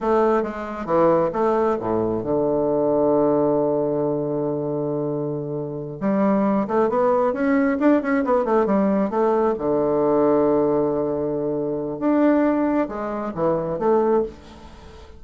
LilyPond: \new Staff \with { instrumentName = "bassoon" } { \time 4/4 \tempo 4 = 135 a4 gis4 e4 a4 | a,4 d2.~ | d1~ | d4. g4. a8 b8~ |
b8 cis'4 d'8 cis'8 b8 a8 g8~ | g8 a4 d2~ d8~ | d2. d'4~ | d'4 gis4 e4 a4 | }